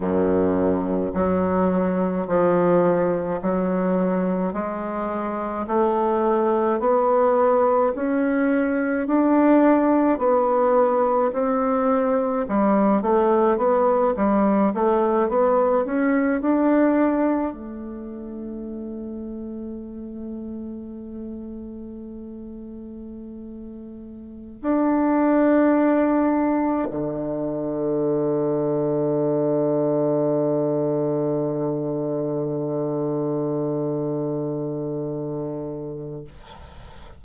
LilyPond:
\new Staff \with { instrumentName = "bassoon" } { \time 4/4 \tempo 4 = 53 fis,4 fis4 f4 fis4 | gis4 a4 b4 cis'4 | d'4 b4 c'4 g8 a8 | b8 g8 a8 b8 cis'8 d'4 a8~ |
a1~ | a4.~ a16 d'2 d16~ | d1~ | d1 | }